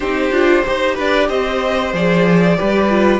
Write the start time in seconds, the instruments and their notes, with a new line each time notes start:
0.00 cello C4, viola D#4, violin G4 C5
0.30 cello D4, viola F4
0.65 cello D#4, viola G4, violin C5
0.94 cello D4, violin B4 D5
1.28 cello C4, violin C5 D#5
1.93 cello F3, viola G#4, violin D5
2.56 cello G3, viola G4, violin B4
2.89 viola F4